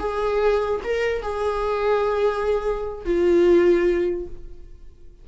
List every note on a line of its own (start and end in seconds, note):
0.00 0.81 G#4
0.84 1.23 A#4
1.23 3.05 G#4
3.06 4.27 F4